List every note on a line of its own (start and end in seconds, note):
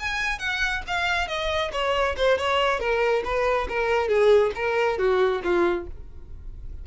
0.00 0.39 G#5
0.39 0.83 F#5
0.87 1.28 F5
1.28 1.71 D#5
1.73 2.16 C#5
2.17 2.38 C5
2.38 2.80 C#5
2.80 3.23 A#4
3.25 3.68 B4
3.69 4.08 A#4
4.08 4.52 G#4
4.56 4.99 A#4
4.99 5.42 F#4
5.44 5.87 F4